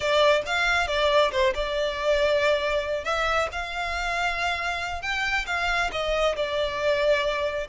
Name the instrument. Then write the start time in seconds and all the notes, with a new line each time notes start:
violin
0.00 D5
0.46 F5
0.87 D5
1.31 C5
1.54 D5
3.04 E5
3.52 F5
5.01 G5
5.46 F5
5.91 D#5
6.36 D5